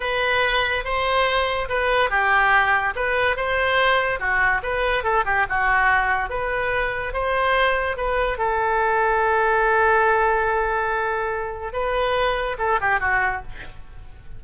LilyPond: \new Staff \with { instrumentName = "oboe" } { \time 4/4 \tempo 4 = 143 b'2 c''2 | b'4 g'2 b'4 | c''2 fis'4 b'4 | a'8 g'8 fis'2 b'4~ |
b'4 c''2 b'4 | a'1~ | a'1 | b'2 a'8 g'8 fis'4 | }